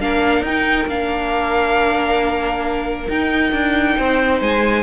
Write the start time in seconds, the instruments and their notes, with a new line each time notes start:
0.00 cello A#3, viola D4, violin A#4 F5
0.42 cello D#4, violin G5
0.49 viola D#4
0.87 cello A#3, viola D4, violin F5
3.09 cello D#4, viola D#4, violin G5
3.53 cello D4
3.98 cello C4, violin C5
4.42 cello G#3, violin G#5